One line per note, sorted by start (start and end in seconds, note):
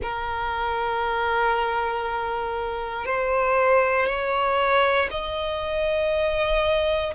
0.02 3.05 A#4
3.05 4.06 C5
4.06 5.08 C#5
5.10 7.14 D#5